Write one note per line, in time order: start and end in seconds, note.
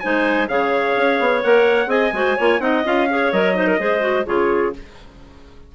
0.00 0.49 G#3
0.00 0.48 D#4
0.00 0.50 C5
0.00 0.47 G#5
0.48 0.96 C#3
0.48 1.42 G#4
0.48 1.89 C#5
0.48 1.43 F5
0.96 1.20 C#4
1.20 1.44 B3
1.43 1.87 A#3
1.43 1.87 A#4
1.43 1.90 F#5
1.87 2.11 C4
1.87 2.10 G#4
1.87 2.13 D#5
1.87 2.61 G#5
2.13 2.37 G#3
2.13 2.37 F#4
2.13 2.37 C5
2.37 2.60 A#3
2.37 2.59 F4
2.37 2.61 C#5
2.59 2.83 C4
2.59 2.83 D#4
2.59 3.09 D#5
2.59 2.85 F#5
2.85 3.33 C#4
2.85 3.08 F4
2.85 3.33 F5
3.10 3.33 G#4
3.10 3.57 C#5
3.33 3.79 F#3
3.33 3.54 A#4
3.33 4.27 D#5
3.54 3.78 D#4
3.54 3.67 C5
3.67 3.79 A#4
3.79 4.26 G#3
3.79 4.00 G#4
3.79 4.26 C5
4.00 4.24 F#4
4.26 4.75 C#3
4.26 4.73 F4
4.26 4.74 G#4
4.26 4.74 C#5